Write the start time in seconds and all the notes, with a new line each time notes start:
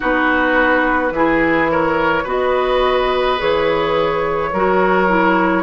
0.00 B3 D#4 F#4 B4
1.11 E3 E4 G#4
1.70 A#4 C#5
2.23 B3 F#4 B4 D#5
3.37 E3 G#4 C#5
4.52 F#3 F#4 A#4
5.08 E4